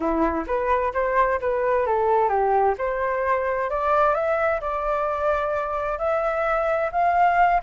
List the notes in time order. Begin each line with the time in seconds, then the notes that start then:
0.00 E4
0.46 B4
0.93 C5
1.40 B4
1.86 A4
2.28 G4
2.78 C5
3.69 D5
4.14 E5
4.60 D5
5.98 E5
6.91 F5